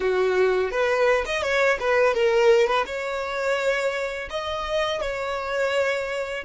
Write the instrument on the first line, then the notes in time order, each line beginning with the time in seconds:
violin
0.00 F#4
0.71 B4
1.25 D#5
1.42 C#5
1.80 B4
2.14 A#4
2.67 B4
2.86 C#5
4.30 D#5
5.01 C#5